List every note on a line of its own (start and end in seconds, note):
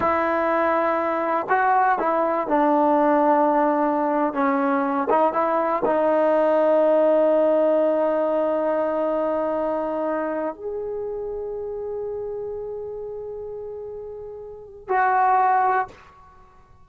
0.00 1.47 E4
1.49 1.98 F#4
1.98 2.47 E4
2.47 4.33 D4
4.33 5.07 C#4
5.09 5.33 D#4
5.33 5.82 E4
5.85 10.54 D#4
10.54 14.88 G#4
14.88 15.87 F#4